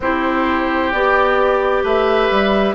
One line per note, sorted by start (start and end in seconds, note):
0.00 0.92 C4
0.00 0.94 E4
0.00 1.83 G4
0.00 0.91 C5
0.91 1.83 B3
0.91 2.74 G4
0.91 1.83 D5
1.83 2.29 A3
1.83 2.74 B4
1.83 2.74 E5
2.30 2.74 G3